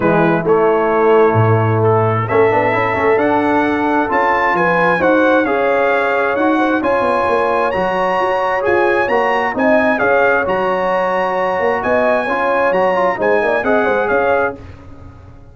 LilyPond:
<<
  \new Staff \with { instrumentName = "trumpet" } { \time 4/4 \tempo 4 = 132 b'4 cis''2. | a'4 e''2 fis''4~ | fis''4 a''4 gis''4 fis''4 | f''2 fis''4 gis''4~ |
gis''4 ais''2 gis''4 | ais''4 gis''4 f''4 ais''4~ | ais''2 gis''2 | ais''4 gis''4 fis''4 f''4 | }
  \new Staff \with { instrumentName = "horn" } { \time 4/4 e'1~ | e'4 a'2.~ | a'2 b'4 c''4 | cis''2~ cis''8 c''8 cis''4~ |
cis''1~ | cis''4 dis''4 cis''2~ | cis''2 dis''4 cis''4~ | cis''4 c''8 d''8 dis''8 c''8 cis''4 | }
  \new Staff \with { instrumentName = "trombone" } { \time 4/4 gis4 a2.~ | a4 cis'8 d'8 e'8 cis'8 d'4~ | d'4 f'2 fis'4 | gis'2 fis'4 f'4~ |
f'4 fis'2 gis'4 | fis'4 dis'4 gis'4 fis'4~ | fis'2. f'4 | fis'8 f'8 dis'4 gis'2 | }
  \new Staff \with { instrumentName = "tuba" } { \time 4/4 e4 a2 a,4~ | a,4 a8 b8 cis'8 a8 d'4~ | d'4 cis'4 f4 dis'4 | cis'2 dis'4 cis'8 b8 |
ais4 fis4 fis'4 f'4 | ais4 c'4 cis'4 fis4~ | fis4. ais8 b4 cis'4 | fis4 gis8 ais8 c'8 gis8 cis'4 | }
>>